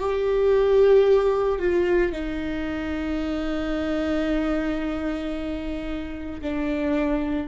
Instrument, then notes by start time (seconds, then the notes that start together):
viola
0.00 G4
1.60 F4
2.13 D#4
6.42 D4